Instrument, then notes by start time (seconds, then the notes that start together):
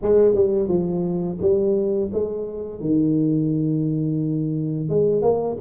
tuba
0.02 G#3
0.35 G3
0.68 F3
1.41 G3
2.13 G#3
2.80 D#3
4.89 G#3
5.21 A#3